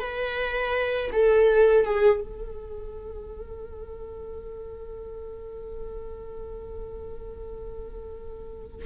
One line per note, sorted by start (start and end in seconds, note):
0.00 1.11 B4
1.13 1.86 A4
1.86 2.21 G#4
2.21 8.87 A4